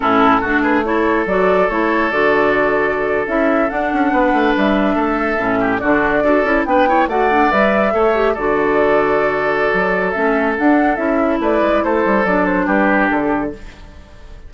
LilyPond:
<<
  \new Staff \with { instrumentName = "flute" } { \time 4/4 \tempo 4 = 142 a'4. b'8 cis''4 d''4 | cis''4 d''2~ d''8. e''16~ | e''8. fis''2 e''4~ e''16~ | e''4.~ e''16 d''2 g''16~ |
g''8. fis''4 e''2 d''16~ | d''1 | e''4 fis''4 e''4 d''4 | c''4 d''8 c''8 b'4 a'4 | }
  \new Staff \with { instrumentName = "oboe" } { \time 4/4 e'4 fis'8 gis'8 a'2~ | a'1~ | a'4.~ a'16 b'2 a'16~ | a'4~ a'16 g'8 fis'4 a'4 b'16~ |
b'16 cis''8 d''2 cis''4 a'16~ | a'1~ | a'2. b'4 | a'2 g'2 | }
  \new Staff \with { instrumentName = "clarinet" } { \time 4/4 cis'4 d'4 e'4 fis'4 | e'4 fis'2~ fis'8. e'16~ | e'8. d'2.~ d'16~ | d'8. cis'4 d'4 fis'8 e'8 d'16~ |
d'16 e'8 fis'8 d'8 b'4 a'8 g'8 fis'16~ | fis'1 | cis'4 d'4 e'2~ | e'4 d'2. | }
  \new Staff \with { instrumentName = "bassoon" } { \time 4/4 a,4 a2 fis4 | a4 d2~ d8. cis'16~ | cis'8. d'8 cis'8 b8 a8 g4 a16~ | a8. a,4 d4 d'8 cis'8 b16~ |
b8. a4 g4 a4 d16~ | d2. fis4 | a4 d'4 cis'4 a8 gis8 | a8 g8 fis4 g4 d4 | }
>>